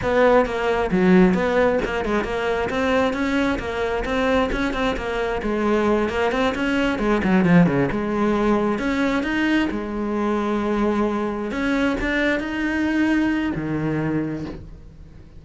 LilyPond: \new Staff \with { instrumentName = "cello" } { \time 4/4 \tempo 4 = 133 b4 ais4 fis4 b4 | ais8 gis8 ais4 c'4 cis'4 | ais4 c'4 cis'8 c'8 ais4 | gis4. ais8 c'8 cis'4 gis8 |
fis8 f8 cis8 gis2 cis'8~ | cis'8 dis'4 gis2~ gis8~ | gis4. cis'4 d'4 dis'8~ | dis'2 dis2 | }